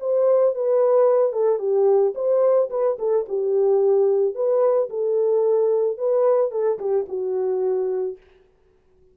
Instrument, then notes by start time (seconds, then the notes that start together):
horn
0.00 C5
0.55 B4
1.32 A4
1.59 G4
2.14 C5
2.70 B4
2.99 A4
3.29 G4
4.35 B4
4.89 A4
5.98 B4
6.51 A4
6.79 G4
7.08 F#4